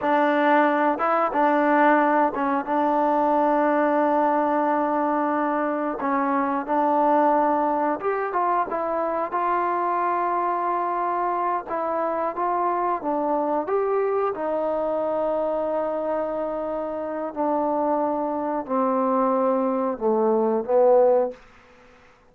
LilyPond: \new Staff \with { instrumentName = "trombone" } { \time 4/4 \tempo 4 = 90 d'4. e'8 d'4. cis'8 | d'1~ | d'4 cis'4 d'2 | g'8 f'8 e'4 f'2~ |
f'4. e'4 f'4 d'8~ | d'8 g'4 dis'2~ dis'8~ | dis'2 d'2 | c'2 a4 b4 | }